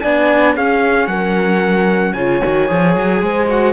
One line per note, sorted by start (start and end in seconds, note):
0.00 0.56 B3
0.00 0.56 D4
0.00 0.55 D5
0.00 0.53 G#5
0.55 1.07 C#4
0.55 2.16 C#4
0.55 1.08 G#4
0.55 1.07 F5
1.07 2.13 F#3
1.07 2.14 A#4
1.07 2.13 F#5
2.13 2.41 C#3
2.13 2.41 F4
2.13 3.20 C#5
2.13 3.45 G#5
2.41 2.70 D#3
2.41 2.68 F#4
2.68 2.95 F3
2.68 3.47 G#4
2.95 3.21 F#3
3.21 3.73 G#3
3.21 3.73 C5
3.48 3.73 F#4
3.48 3.73 F#5